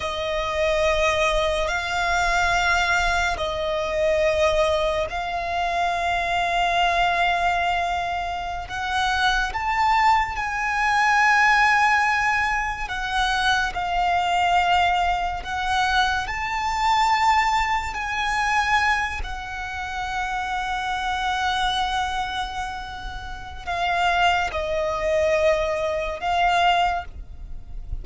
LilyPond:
\new Staff \with { instrumentName = "violin" } { \time 4/4 \tempo 4 = 71 dis''2 f''2 | dis''2 f''2~ | f''2~ f''16 fis''4 a''8.~ | a''16 gis''2. fis''8.~ |
fis''16 f''2 fis''4 a''8.~ | a''4~ a''16 gis''4. fis''4~ fis''16~ | fis''1 | f''4 dis''2 f''4 | }